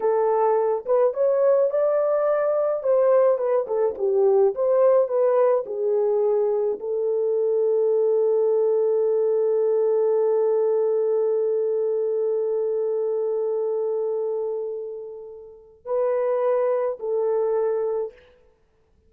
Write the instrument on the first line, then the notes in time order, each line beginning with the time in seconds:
horn
0.00 A4
0.85 B4
1.13 C#5
1.70 D5
2.83 C5
3.38 B4
3.67 A4
3.98 G4
4.55 C5
5.07 B4
5.66 G#4
6.79 A4
15.85 B4
16.99 A4